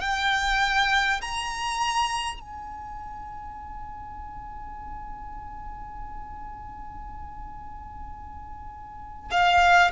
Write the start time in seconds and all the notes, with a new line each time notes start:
0.00 G5
1.21 A#5
2.40 G#5
9.30 F5